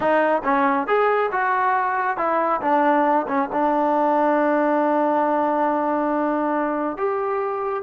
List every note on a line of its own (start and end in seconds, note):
0.00 0.42 D#4
0.43 0.87 C#4
0.87 1.30 G#4
1.31 2.17 F#4
2.17 2.60 E4
2.61 3.26 D4
3.27 3.49 C#4
3.52 6.97 D4
6.97 7.83 G4